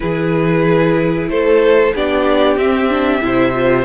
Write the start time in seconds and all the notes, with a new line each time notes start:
0.00 E3 E4 G#4 B4
1.28 A3 A4 C5
1.94 B3 D4 G4 D5
2.56 C4 E5
2.90 D4
3.20 C3 E4 C5
3.53 F4